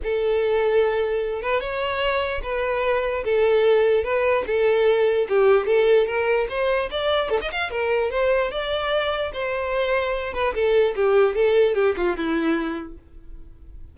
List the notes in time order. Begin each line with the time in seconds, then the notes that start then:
0.03 A4
1.42 B4
1.60 C#5
2.42 B4
3.24 A4
4.04 B4
4.46 A4
5.28 G4
5.66 A4
6.06 A#4
6.49 C5
6.90 D5
7.29 A4
7.41 D#5
7.51 F5
7.70 A#4
8.10 C5
8.51 D5
9.33 C5
10.33 B4
10.54 A4
10.95 G4
11.35 A4
11.74 G4
11.96 F4
12.16 E4